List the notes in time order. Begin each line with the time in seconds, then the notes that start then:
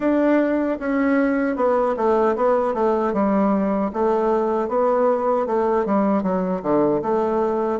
0.00 D4
0.79 C#4
1.56 B3
1.97 A3
2.36 B3
2.74 A3
3.13 G3
3.93 A3
4.68 B3
5.46 A3
5.85 G3
6.22 F#3
6.62 D3
7.02 A3